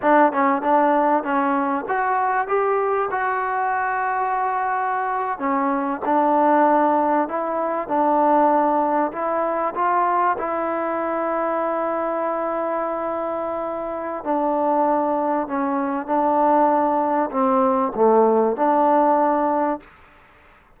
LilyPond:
\new Staff \with { instrumentName = "trombone" } { \time 4/4 \tempo 4 = 97 d'8 cis'8 d'4 cis'4 fis'4 | g'4 fis'2.~ | fis'8. cis'4 d'2 e'16~ | e'8. d'2 e'4 f'16~ |
f'8. e'2.~ e'16~ | e'2. d'4~ | d'4 cis'4 d'2 | c'4 a4 d'2 | }